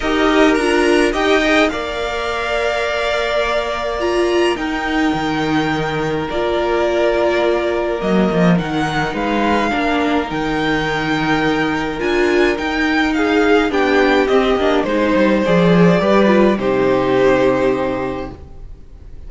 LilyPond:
<<
  \new Staff \with { instrumentName = "violin" } { \time 4/4 \tempo 4 = 105 dis''4 ais''4 g''4 f''4~ | f''2. ais''4 | g''2. d''4~ | d''2 dis''4 fis''4 |
f''2 g''2~ | g''4 gis''4 g''4 f''4 | g''4 dis''4 c''4 d''4~ | d''4 c''2. | }
  \new Staff \with { instrumentName = "violin" } { \time 4/4 ais'2 dis''4 d''4~ | d''1 | ais'1~ | ais'1 |
b'4 ais'2.~ | ais'2. gis'4 | g'2 c''2 | b'4 g'2. | }
  \new Staff \with { instrumentName = "viola" } { \time 4/4 g'4 f'4 g'8 gis'8 ais'4~ | ais'2. f'4 | dis'2. f'4~ | f'2 ais4 dis'4~ |
dis'4 d'4 dis'2~ | dis'4 f'4 dis'2 | d'4 c'8 d'8 dis'4 gis'4 | g'8 f'8 dis'2. | }
  \new Staff \with { instrumentName = "cello" } { \time 4/4 dis'4 d'4 dis'4 ais4~ | ais1 | dis'4 dis2 ais4~ | ais2 fis8 f8 dis4 |
gis4 ais4 dis2~ | dis4 d'4 dis'2 | b4 c'8 ais8 gis8 g8 f4 | g4 c2. | }
>>